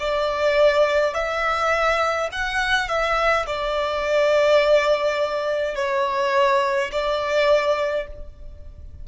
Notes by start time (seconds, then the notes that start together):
0.00 D5
1.14 E5
2.33 F#5
2.89 E5
3.47 D5
5.76 C#5
6.92 D5